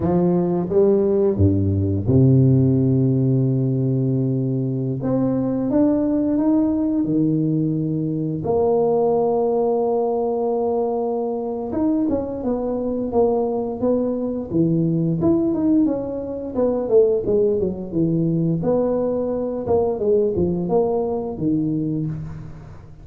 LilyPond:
\new Staff \with { instrumentName = "tuba" } { \time 4/4 \tempo 4 = 87 f4 g4 g,4 c4~ | c2.~ c16 c'8.~ | c'16 d'4 dis'4 dis4.~ dis16~ | dis16 ais2.~ ais8.~ |
ais4 dis'8 cis'8 b4 ais4 | b4 e4 e'8 dis'8 cis'4 | b8 a8 gis8 fis8 e4 b4~ | b8 ais8 gis8 f8 ais4 dis4 | }